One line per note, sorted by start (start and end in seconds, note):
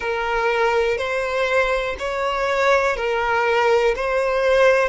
0.00 0.97 A#4
0.97 1.95 C5
1.99 2.96 C#5
2.96 3.94 A#4
3.95 4.89 C5